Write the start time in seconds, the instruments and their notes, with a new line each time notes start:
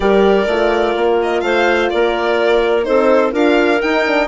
0.00 bassoon G3, horn G4, clarinet A#4, violin D5
0.46 bassoon A3, horn F4
0.96 bassoon A#3
1.22 violin D#5
1.40 bassoon A3, clarinet C5, violin F5
1.89 bassoon A#3, clarinet A#4, violin D5
2.83 bassoon C4, horn D#4, clarinet A4, violin C5
3.31 bassoon D4, horn F4, clarinet A#4, violin F5
3.81 horn D#4, bassoon D#4, violin G5
4.06 horn D4